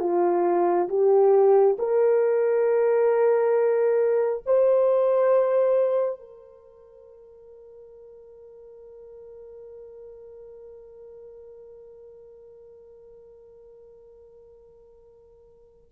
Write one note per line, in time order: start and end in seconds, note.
0.00 0.88 F4
0.89 1.77 G4
1.79 4.44 A#4
4.46 6.20 C5
6.20 15.90 A#4